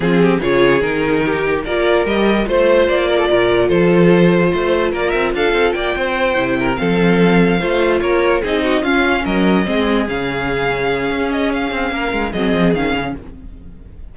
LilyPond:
<<
  \new Staff \with { instrumentName = "violin" } { \time 4/4 \tempo 4 = 146 gis'4 cis''4 ais'2 | d''4 dis''4 c''4 d''4~ | d''4 c''2. | d''8 e''8 f''4 g''2~ |
g''8 f''2. cis''8~ | cis''8 dis''4 f''4 dis''4.~ | dis''8 f''2. dis''8 | f''2 dis''4 f''4 | }
  \new Staff \with { instrumentName = "violin" } { \time 4/4 f'8 g'8 gis'2 g'4 | ais'2 c''4. ais'16 a'16 | ais'4 a'2 c''4 | ais'4 a'4 d''8 c''4. |
ais'8 a'2 c''4 ais'8~ | ais'8 gis'8 fis'8 f'4 ais'4 gis'8~ | gis'1~ | gis'4 ais'4 gis'2 | }
  \new Staff \with { instrumentName = "viola" } { \time 4/4 c'4 f'4 dis'2 | f'4 g'4 f'2~ | f'1~ | f'2.~ f'8 e'8~ |
e'8 c'2 f'4.~ | f'8 dis'4 cis'2 c'8~ | c'8 cis'2.~ cis'8~ | cis'2 c'4 cis'4 | }
  \new Staff \with { instrumentName = "cello" } { \time 4/4 f4 cis4 dis2 | ais4 g4 a4 ais4 | ais,4 f2 a4 | ais8 c'8 d'8 c'8 ais8 c'4 c8~ |
c8 f2 a4 ais8~ | ais8 c'4 cis'4 fis4 gis8~ | gis8 cis2~ cis8 cis'4~ | cis'8 c'8 ais8 gis8 fis8 f8 dis8 cis8 | }
>>